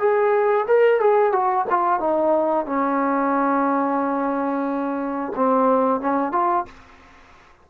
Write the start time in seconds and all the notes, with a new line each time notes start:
0.00 G#4
0.68 A#4
1.01 G#4
1.32 F#4
1.70 F4
2.00 D#4
2.66 C#4
5.36 C4
6.01 C#4
6.32 F4